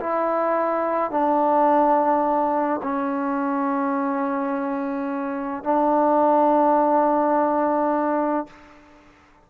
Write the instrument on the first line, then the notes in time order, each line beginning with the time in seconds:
trombone
0.00 E4
1.11 D4
2.83 C#4
5.64 D4